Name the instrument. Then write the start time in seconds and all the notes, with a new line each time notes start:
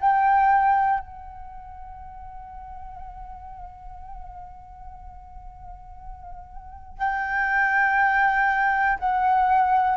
flute
0.00 G5
1.00 F#5
6.99 G5
8.99 F#5